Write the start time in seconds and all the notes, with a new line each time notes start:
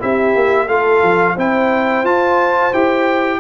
0.00 C4 E4 G4 E5
0.35 A#3
0.67 A3 F4 A4 F5
1.03 F3
1.36 C4 E4 C5 G5
2.04 F4 A5
2.73 E4 G4 G5